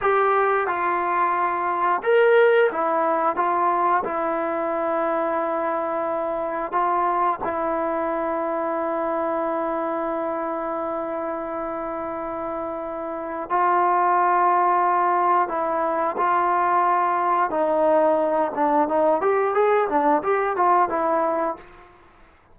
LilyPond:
\new Staff \with { instrumentName = "trombone" } { \time 4/4 \tempo 4 = 89 g'4 f'2 ais'4 | e'4 f'4 e'2~ | e'2 f'4 e'4~ | e'1~ |
e'1 | f'2. e'4 | f'2 dis'4. d'8 | dis'8 g'8 gis'8 d'8 g'8 f'8 e'4 | }